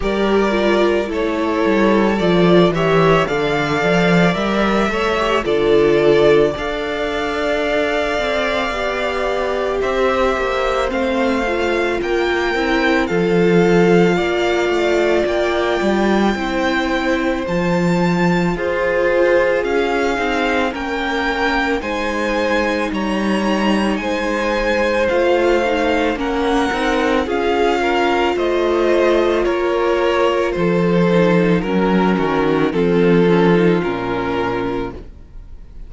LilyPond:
<<
  \new Staff \with { instrumentName = "violin" } { \time 4/4 \tempo 4 = 55 d''4 cis''4 d''8 e''8 f''4 | e''4 d''4 f''2~ | f''4 e''4 f''4 g''4 | f''2 g''2 |
a''4 c''4 f''4 g''4 | gis''4 ais''4 gis''4 f''4 | fis''4 f''4 dis''4 cis''4 | c''4 ais'4 a'4 ais'4 | }
  \new Staff \with { instrumentName = "violin" } { \time 4/4 ais'4 a'4. cis''8 d''4~ | d''8 cis''8 a'4 d''2~ | d''4 c''2 ais'4 | a'4 d''2 c''4~ |
c''4 gis'2 ais'4 | c''4 cis''4 c''2 | ais'4 gis'8 ais'8 c''4 ais'4 | a'4 ais'8 fis'8 f'2 | }
  \new Staff \with { instrumentName = "viola" } { \time 4/4 g'8 f'8 e'4 f'8 g'8 a'4 | ais'8 a'16 g'16 f'4 a'2 | g'2 c'8 f'4 e'8 | f'2. e'4 |
f'2~ f'8 dis'8 cis'4 | dis'2. f'8 dis'8 | cis'8 dis'8 f'2.~ | f'8 dis'8 cis'4 c'8 cis'16 dis'16 cis'4 | }
  \new Staff \with { instrumentName = "cello" } { \time 4/4 g4 a8 g8 f8 e8 d8 f8 | g8 a8 d4 d'4. c'8 | b4 c'8 ais8 a4 ais8 c'8 | f4 ais8 a8 ais8 g8 c'4 |
f4 f'4 cis'8 c'8 ais4 | gis4 g4 gis4 a4 | ais8 c'8 cis'4 a4 ais4 | f4 fis8 dis8 f4 ais,4 | }
>>